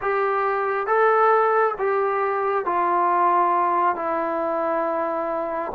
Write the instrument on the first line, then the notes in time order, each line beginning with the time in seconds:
trombone
0.01 G4
0.86 A4
1.78 G4
2.65 F4
3.95 E4